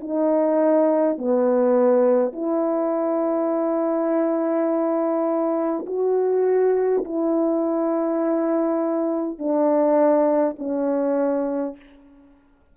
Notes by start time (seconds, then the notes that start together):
0.00 D#4
1.18 B3
2.32 E4
5.86 F#4
7.04 E4
9.39 D4
10.58 C#4